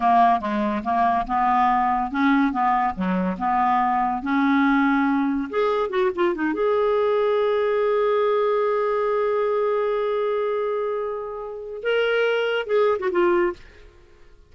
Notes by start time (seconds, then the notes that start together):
0.00 A#3
0.40 G#3
0.83 A#3
1.27 B3
2.11 C#4
2.52 B3
2.95 F#3
3.38 B3
4.22 C#4
5.49 G#4
5.89 F#4
6.15 F4
6.34 D#4
6.53 G#4
11.83 A#4
12.66 G#4
12.99 F#4
13.11 F4